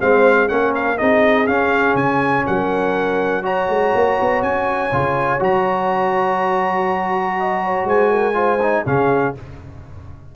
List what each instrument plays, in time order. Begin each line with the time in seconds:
0.00 tuba G#3, trombone C4, horn C5, trumpet F5
0.48 tuba A#3, trombone C#4, horn A#4, trumpet F#5
0.75 trumpet F5
0.98 tuba C4, trombone D#4, horn G#4, trumpet D#5
1.47 trombone C#4, tuba C#4, trumpet F5
1.94 tuba C#3, trumpet G#5
2.46 tuba F#3, horn A#4, trumpet F#5
3.43 trombone F#4, horn C#5, trumpet A#5
3.69 tuba G#3
3.95 tuba A#3
4.21 tuba B3
4.42 tuba C#4, trumpet G#5
4.92 tuba C#3, trombone F4
5.39 tuba F#3, trombone F#4, trumpet A#5
7.39 horn D#5
7.64 horn C#5
7.85 tuba G#3, horn C5, trumpet G#5
8.11 horn A#4
8.34 trombone F4, horn C5
8.62 trombone D#4
8.86 tuba C#3, trombone C#4, horn G#4, trumpet F5